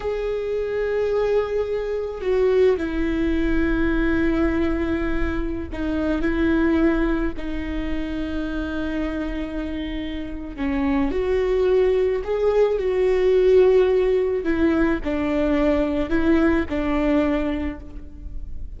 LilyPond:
\new Staff \with { instrumentName = "viola" } { \time 4/4 \tempo 4 = 108 gis'1 | fis'4 e'2.~ | e'2~ e'16 dis'4 e'8.~ | e'4~ e'16 dis'2~ dis'8.~ |
dis'2. cis'4 | fis'2 gis'4 fis'4~ | fis'2 e'4 d'4~ | d'4 e'4 d'2 | }